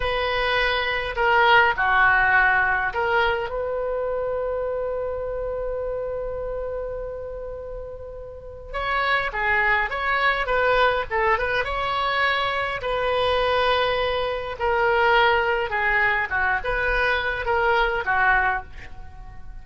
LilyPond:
\new Staff \with { instrumentName = "oboe" } { \time 4/4 \tempo 4 = 103 b'2 ais'4 fis'4~ | fis'4 ais'4 b'2~ | b'1~ | b'2. cis''4 |
gis'4 cis''4 b'4 a'8 b'8 | cis''2 b'2~ | b'4 ais'2 gis'4 | fis'8 b'4. ais'4 fis'4 | }